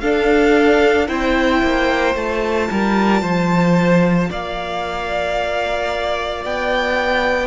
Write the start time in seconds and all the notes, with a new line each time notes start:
0.00 D4 A4 F5
1.07 C4 E4 C5 G5
1.62 A#3
2.12 A3 F4 A5
2.70 G3 A#4
3.21 F3 C5
4.29 A#3 D5 F5
6.44 B3 G5